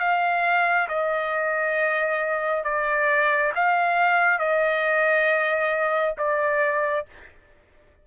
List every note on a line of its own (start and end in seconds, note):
0.00 0.88 F5
0.89 2.65 D#5
2.65 3.53 D5
3.55 4.39 F5
4.39 6.16 D#5
6.18 7.06 D5